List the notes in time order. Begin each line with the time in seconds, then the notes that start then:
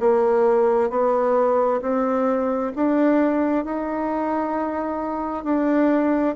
0.00 A#3
0.90 B3
1.82 C4
2.76 D4
3.65 D#4
5.44 D4